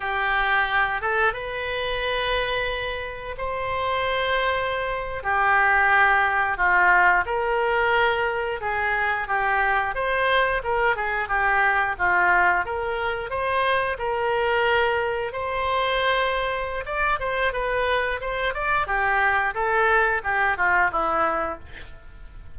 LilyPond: \new Staff \with { instrumentName = "oboe" } { \time 4/4 \tempo 4 = 89 g'4. a'8 b'2~ | b'4 c''2~ c''8. g'16~ | g'4.~ g'16 f'4 ais'4~ ais'16~ | ais'8. gis'4 g'4 c''4 ais'16~ |
ais'16 gis'8 g'4 f'4 ais'4 c''16~ | c''8. ais'2 c''4~ c''16~ | c''4 d''8 c''8 b'4 c''8 d''8 | g'4 a'4 g'8 f'8 e'4 | }